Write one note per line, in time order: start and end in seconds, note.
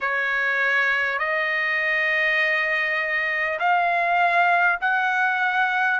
0.00 1.18 C#5
1.18 3.58 D#5
3.59 4.79 F5
4.81 5.99 F#5